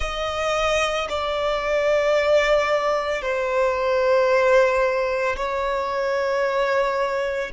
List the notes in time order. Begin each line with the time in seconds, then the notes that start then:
0.00 D#5
1.09 D5
3.21 C5
5.36 C#5